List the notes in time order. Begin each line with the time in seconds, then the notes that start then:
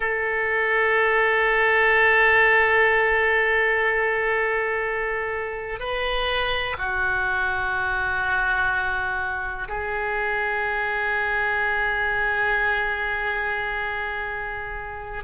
0.00 A4
5.79 B4
6.77 F#4
9.68 G#4